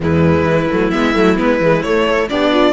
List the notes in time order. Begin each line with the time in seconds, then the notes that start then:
0.00 E2 G#3 E4 B4
0.44 E3
0.70 F#3 A3
0.90 G#3 B3 E5
1.14 F#3 A3
1.36 G#3 B3 B4
1.60 E3 G#3
1.82 A3 C#5
2.07 A4
2.29 B3 D4 G4 D5
2.51 F4